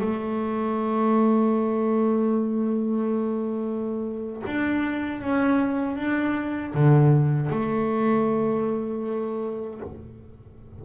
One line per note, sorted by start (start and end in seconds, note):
0.00 4.42 A3
4.46 5.21 D4
5.21 5.96 C#4
5.96 6.73 D4
6.74 7.50 D3
7.50 9.80 A3